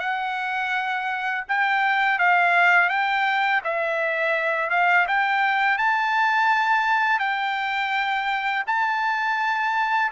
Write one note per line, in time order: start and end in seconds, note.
0.00 1.45 F#5
1.49 2.19 G5
2.19 2.89 F5
2.89 3.62 G5
3.64 4.71 E5
4.71 5.07 F5
5.08 5.78 G5
5.78 7.20 A5
7.20 8.64 G5
8.67 10.12 A5